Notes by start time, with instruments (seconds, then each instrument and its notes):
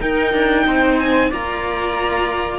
0.00 cello D#4, viola A#4, violin G5
0.34 cello D4
0.67 cello C4, viola C5
0.99 violin G#5
1.30 cello A#3 F4, viola D5, violin A#5